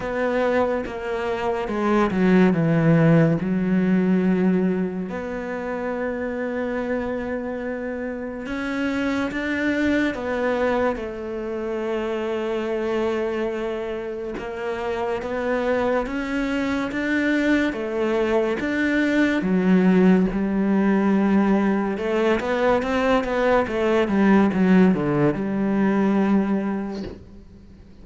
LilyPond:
\new Staff \with { instrumentName = "cello" } { \time 4/4 \tempo 4 = 71 b4 ais4 gis8 fis8 e4 | fis2 b2~ | b2 cis'4 d'4 | b4 a2.~ |
a4 ais4 b4 cis'4 | d'4 a4 d'4 fis4 | g2 a8 b8 c'8 b8 | a8 g8 fis8 d8 g2 | }